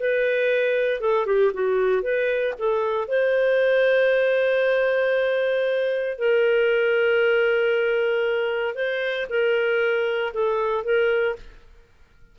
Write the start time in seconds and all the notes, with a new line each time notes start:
0.00 B4
1.01 A4
1.26 G4
1.54 F#4
2.03 B4
2.59 A4
3.08 C5
6.19 A#4
8.75 C5
9.30 A#4
10.34 A4
10.84 A#4